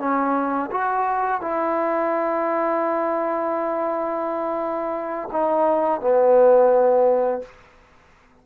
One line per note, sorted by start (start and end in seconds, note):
0.00 0.71 C#4
0.72 1.41 F#4
1.41 5.30 E4
5.33 6.01 D#4
6.01 7.42 B3